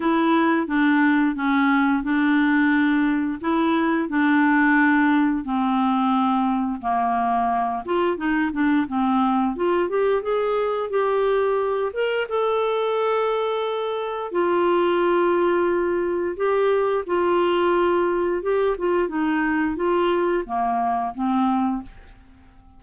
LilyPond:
\new Staff \with { instrumentName = "clarinet" } { \time 4/4 \tempo 4 = 88 e'4 d'4 cis'4 d'4~ | d'4 e'4 d'2 | c'2 ais4. f'8 | dis'8 d'8 c'4 f'8 g'8 gis'4 |
g'4. ais'8 a'2~ | a'4 f'2. | g'4 f'2 g'8 f'8 | dis'4 f'4 ais4 c'4 | }